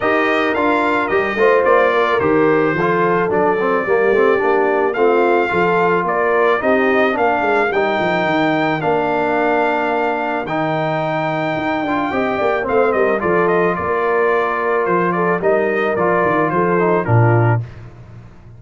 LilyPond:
<<
  \new Staff \with { instrumentName = "trumpet" } { \time 4/4 \tempo 4 = 109 dis''4 f''4 dis''4 d''4 | c''2 d''2~ | d''4 f''2 d''4 | dis''4 f''4 g''2 |
f''2. g''4~ | g''2. f''8 dis''8 | d''8 dis''8 d''2 c''8 d''8 | dis''4 d''4 c''4 ais'4 | }
  \new Staff \with { instrumentName = "horn" } { \time 4/4 ais'2~ ais'8 c''4 ais'8~ | ais'4 a'2 g'4~ | g'4 f'4 a'4 ais'4 | g'4 ais'2.~ |
ais'1~ | ais'2 dis''8 d''8 c''8 ais'8 | a'4 ais'2~ ais'8 a'8 | ais'2 a'4 f'4 | }
  \new Staff \with { instrumentName = "trombone" } { \time 4/4 g'4 f'4 g'8 f'4. | g'4 f'4 d'8 c'8 ais8 c'8 | d'4 c'4 f'2 | dis'4 d'4 dis'2 |
d'2. dis'4~ | dis'4. f'8 g'4 c'4 | f'1 | dis'4 f'4. dis'8 d'4 | }
  \new Staff \with { instrumentName = "tuba" } { \time 4/4 dis'4 d'4 g8 a8 ais4 | dis4 f4 fis4 g8 a8 | ais4 a4 f4 ais4 | c'4 ais8 gis8 g8 f8 dis4 |
ais2. dis4~ | dis4 dis'8 d'8 c'8 ais8 a8 g8 | f4 ais2 f4 | g4 f8 dis8 f4 ais,4 | }
>>